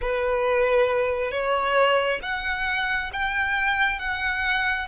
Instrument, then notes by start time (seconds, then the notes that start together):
violin
0.01 B4
1.31 C#5
2.22 F#5
3.12 G5
3.99 F#5